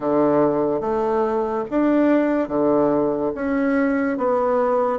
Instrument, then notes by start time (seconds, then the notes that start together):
bassoon
0.00 D3
0.81 A3
1.70 D4
2.48 D3
3.34 C#4
4.17 B3